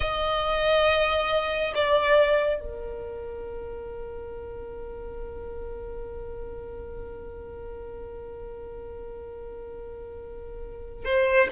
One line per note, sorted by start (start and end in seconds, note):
0.00 1.74 D#5
1.74 2.60 D5
2.60 11.04 A#4
11.04 11.48 C5